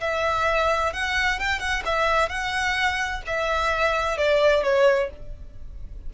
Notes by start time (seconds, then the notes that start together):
0.00 E5
0.93 F#5
1.39 G5
1.59 F#5
1.85 E5
2.29 F#5
3.26 E5
4.17 D5
4.63 C#5